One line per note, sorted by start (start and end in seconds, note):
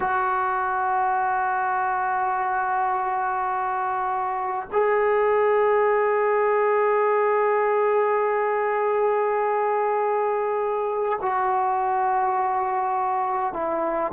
0.00 4.68 F#4
4.72 11.19 G#4
11.21 13.53 F#4
13.53 14.12 E4